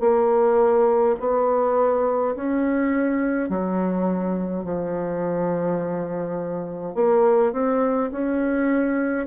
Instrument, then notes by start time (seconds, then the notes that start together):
bassoon
0.00 A#3
1.20 B3
2.35 C#4
3.49 F#3
4.64 F3
6.95 A#3
7.53 C4
8.11 C#4